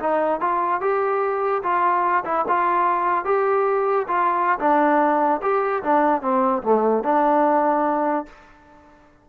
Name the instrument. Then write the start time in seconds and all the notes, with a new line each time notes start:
trombone
0.00 D#4
0.41 F4
0.81 G4
1.63 F4
2.25 E4
2.48 F4
3.25 G4
4.08 F4
4.59 D4
5.42 G4
5.83 D4
6.22 C4
6.63 A3
7.04 D4